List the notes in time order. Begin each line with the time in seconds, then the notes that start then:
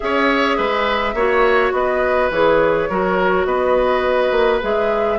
0.00 C#4 G#4 C#5 E5
0.57 G#3 B4
1.13 A#3 F#4 C#5
1.72 B3 B4 D#5
2.30 E3 G#4 C#5
2.89 F#3 F#4 A#4
3.44 B3 B4 D#5
4.31 A#3
4.61 G#3 G#4 E5